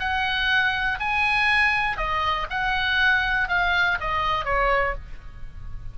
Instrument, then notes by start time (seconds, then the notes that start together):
oboe
0.00 F#5
1.00 G#5
1.98 D#5
2.50 F#5
3.49 F5
4.01 D#5
4.45 C#5